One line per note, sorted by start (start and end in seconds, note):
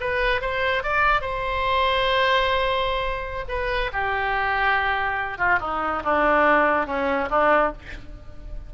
0.00 0.41 B4
0.41 0.83 C5
0.83 1.21 D5
1.21 3.44 C5
3.48 3.91 B4
3.92 5.38 G4
5.38 5.59 F4
5.60 6.02 D#4
6.04 6.86 D4
6.86 7.29 C#4
7.30 7.72 D4